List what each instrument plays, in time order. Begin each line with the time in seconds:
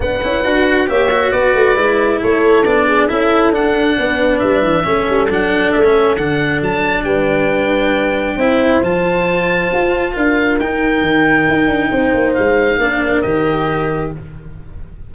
0.00 tuba B3, cello D4, horn B4, oboe F#5
0.22 tuba C#4, cello E4
0.44 tuba D4, cello F#4
0.86 tuba A#3, cello G4, horn C#5, oboe E5
1.11 cello F#4
1.31 tuba B3, horn B4, oboe D5
1.53 tuba A3
1.75 tuba G#3, cello E4
2.21 tuba A3, horn A4, oboe C#5
2.64 tuba B3, cello D4, oboe D5
2.87 horn G#4
3.07 tuba C#4, cello E4, horn A4, oboe E5
3.51 tuba D4, cello D4, oboe F#5
3.97 tuba B3, horn B4
4.39 tuba G3, oboe E5
4.62 tuba E3
4.83 tuba A3, cello C#4, horn A4
5.09 tuba G3
5.29 tuba F#3, cello D4, oboe F#5
5.71 tuba A3, oboe E5
5.83 cello C#4
6.16 tuba D3, cello D4, oboe F#5
6.61 tuba F#3, oboe A5
7.03 tuba G3, horn B4, oboe G5
8.36 tuba C4, cello E4, horn C5
8.82 tuba F3, cello F4, oboe A5
9.73 tuba F4
10.13 tuba D4, horn A#4, oboe F5
10.59 tuba D#4, cello D#4, oboe G5
11.01 tuba D#3
11.48 tuba D#4
11.67 tuba D4
11.91 tuba C4, horn C5
12.14 tuba A#3
12.34 tuba G#3, oboe F5
12.78 tuba A#3, cello D4, horn A#4
13.21 tuba D#3, cello G4, oboe D#5